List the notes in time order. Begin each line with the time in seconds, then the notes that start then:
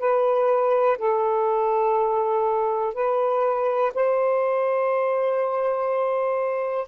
0.00 B4
0.98 A4
2.95 B4
3.95 C5